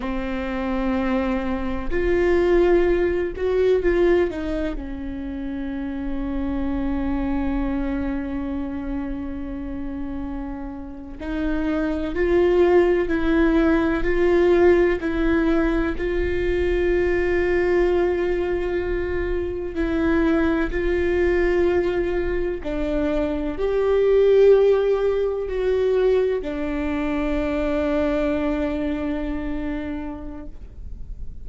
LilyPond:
\new Staff \with { instrumentName = "viola" } { \time 4/4 \tempo 4 = 63 c'2 f'4. fis'8 | f'8 dis'8 cis'2.~ | cis'2.~ cis'8. dis'16~ | dis'8. f'4 e'4 f'4 e'16~ |
e'8. f'2.~ f'16~ | f'8. e'4 f'2 d'16~ | d'8. g'2 fis'4 d'16~ | d'1 | }